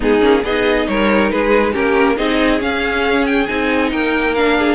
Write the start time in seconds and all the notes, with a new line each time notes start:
0.00 G#3 B3 D#4 G#4
0.20 A#3 C#4
0.43 B3 D#4 G#4 D#5
0.87 G3 A#4 C#5
1.30 G#3 G#4 B4
1.72 A#3 C#4 G4 A#4
2.15 C4 D#4 G#4 D#5
2.59 C#4 F5
3.26 G5
3.46 C4 D#4 G#5
3.92 A#3 A#4 G5
4.34 D4 F5
4.58 G#4